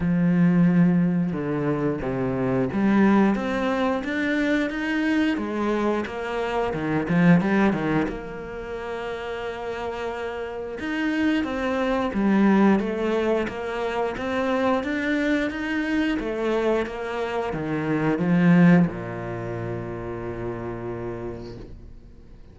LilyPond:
\new Staff \with { instrumentName = "cello" } { \time 4/4 \tempo 4 = 89 f2 d4 c4 | g4 c'4 d'4 dis'4 | gis4 ais4 dis8 f8 g8 dis8 | ais1 |
dis'4 c'4 g4 a4 | ais4 c'4 d'4 dis'4 | a4 ais4 dis4 f4 | ais,1 | }